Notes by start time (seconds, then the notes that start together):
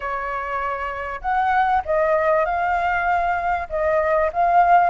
0.00 C#5
1.21 F#5
1.85 D#5
2.45 F5
3.69 D#5
4.32 F5